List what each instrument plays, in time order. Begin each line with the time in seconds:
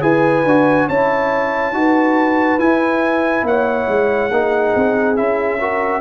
0.00 tuba E4, trombone G#4, horn B4, trumpet G#5
0.44 tuba D4, trombone F#4
0.88 tuba C#4, trombone E4, horn C#5, trumpet A5
1.72 tuba D#4, trombone F#4, horn B4
2.58 tuba E4, trombone E4, trumpet G#5
3.43 tuba A#3, horn C#5, trumpet F#5
3.87 tuba G#3
4.30 tuba A#3, trombone D#4, horn G#4
4.75 tuba C4
5.16 tuba C#4, trombone E4, trumpet E5
5.60 trombone F#4, horn A#4